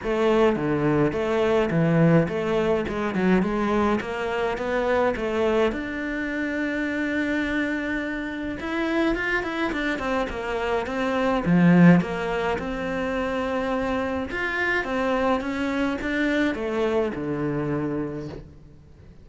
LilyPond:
\new Staff \with { instrumentName = "cello" } { \time 4/4 \tempo 4 = 105 a4 d4 a4 e4 | a4 gis8 fis8 gis4 ais4 | b4 a4 d'2~ | d'2. e'4 |
f'8 e'8 d'8 c'8 ais4 c'4 | f4 ais4 c'2~ | c'4 f'4 c'4 cis'4 | d'4 a4 d2 | }